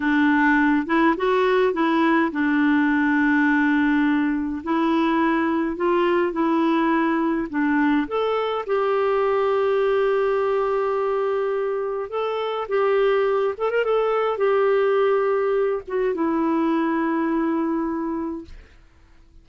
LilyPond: \new Staff \with { instrumentName = "clarinet" } { \time 4/4 \tempo 4 = 104 d'4. e'8 fis'4 e'4 | d'1 | e'2 f'4 e'4~ | e'4 d'4 a'4 g'4~ |
g'1~ | g'4 a'4 g'4. a'16 ais'16 | a'4 g'2~ g'8 fis'8 | e'1 | }